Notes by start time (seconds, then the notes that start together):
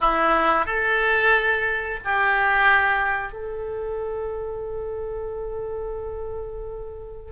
0.00 E4
0.65 A4
2.04 G4
3.32 A4